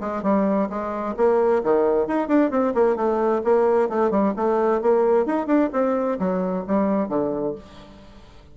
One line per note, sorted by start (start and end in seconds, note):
0.00 0.22 G#3
0.22 0.68 G3
0.69 1.15 G#3
1.16 1.62 A#3
1.63 2.07 D#3
2.07 2.28 D#4
2.28 2.50 D4
2.50 2.73 C4
2.74 2.96 A#3
2.96 3.41 A3
3.44 3.89 A#3
3.89 4.10 A3
4.10 4.33 G3
4.36 4.81 A3
4.81 5.26 A#3
5.26 5.46 D#4
5.46 5.69 D4
5.73 6.18 C4
6.19 6.65 F#3
6.67 7.08 G3
7.08 7.54 D3